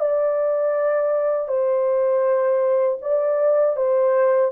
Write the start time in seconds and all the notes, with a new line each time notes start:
0.00 D5
1.48 C5
3.02 D5
3.77 C5